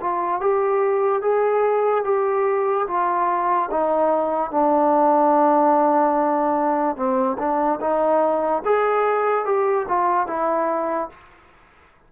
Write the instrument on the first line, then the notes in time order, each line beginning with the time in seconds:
trombone
0.00 F4
0.40 G4
1.21 G#4
2.04 G4
2.87 F4
3.71 D#4
4.51 D4
6.96 C4
7.38 D4
7.80 D#4
8.65 G#4
9.45 G4
9.88 F4
10.27 E4